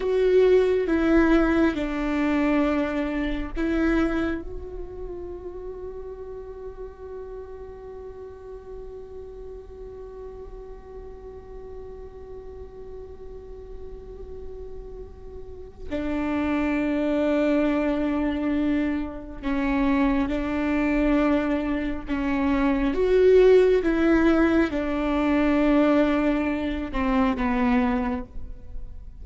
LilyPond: \new Staff \with { instrumentName = "viola" } { \time 4/4 \tempo 4 = 68 fis'4 e'4 d'2 | e'4 fis'2.~ | fis'1~ | fis'1~ |
fis'2 d'2~ | d'2 cis'4 d'4~ | d'4 cis'4 fis'4 e'4 | d'2~ d'8 c'8 b4 | }